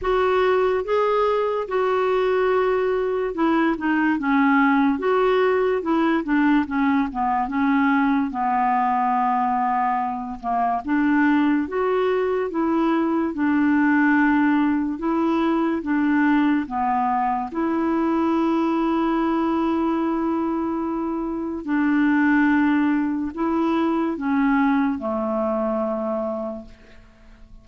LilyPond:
\new Staff \with { instrumentName = "clarinet" } { \time 4/4 \tempo 4 = 72 fis'4 gis'4 fis'2 | e'8 dis'8 cis'4 fis'4 e'8 d'8 | cis'8 b8 cis'4 b2~ | b8 ais8 d'4 fis'4 e'4 |
d'2 e'4 d'4 | b4 e'2.~ | e'2 d'2 | e'4 cis'4 a2 | }